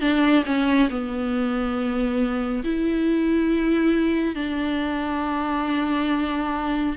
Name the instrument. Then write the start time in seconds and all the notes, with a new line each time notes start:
viola
0.00 D4
0.45 C#4
0.89 B3
2.64 E4
4.34 D4